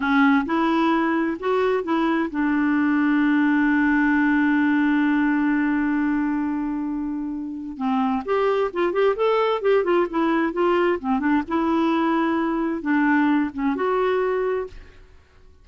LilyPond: \new Staff \with { instrumentName = "clarinet" } { \time 4/4 \tempo 4 = 131 cis'4 e'2 fis'4 | e'4 d'2.~ | d'1~ | d'1~ |
d'4 c'4 g'4 f'8 g'8 | a'4 g'8 f'8 e'4 f'4 | c'8 d'8 e'2. | d'4. cis'8 fis'2 | }